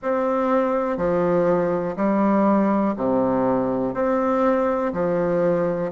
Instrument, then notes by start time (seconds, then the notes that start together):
bassoon
0.02 C4
0.97 F3
1.96 G3
2.96 C3
3.93 C4
4.92 F3